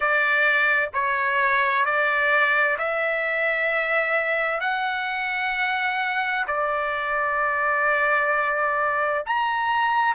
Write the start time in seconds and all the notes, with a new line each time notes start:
0.00 D5
0.93 C#5
1.85 D5
2.78 E5
4.60 F#5
6.47 D5
9.26 A#5